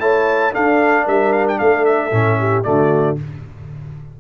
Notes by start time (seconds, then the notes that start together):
0.00 A3 E4 C#5 A5
0.52 D4 A4 F5
1.04 G3 A#4 E5
1.33 F5
1.48 G5
1.59 A3 A4 F5
1.85 E5
2.12 A2 C#4
2.39 G4
2.63 D3 A3 F#4 D5